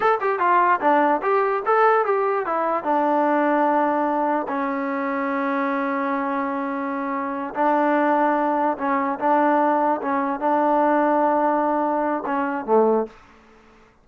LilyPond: \new Staff \with { instrumentName = "trombone" } { \time 4/4 \tempo 4 = 147 a'8 g'8 f'4 d'4 g'4 | a'4 g'4 e'4 d'4~ | d'2. cis'4~ | cis'1~ |
cis'2~ cis'8 d'4.~ | d'4. cis'4 d'4.~ | d'8 cis'4 d'2~ d'8~ | d'2 cis'4 a4 | }